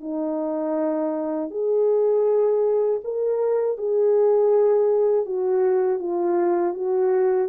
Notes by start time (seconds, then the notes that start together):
0.00 D#4
1.50 G#4
3.03 A#4
3.77 G#4
5.25 F#4
5.99 F4
6.74 F#4